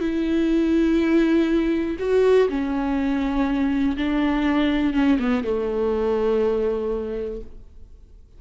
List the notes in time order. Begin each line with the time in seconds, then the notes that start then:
0.00 E4
1.99 F#4
2.49 C#4
3.97 D4
4.94 C#4
5.19 B3
5.44 A3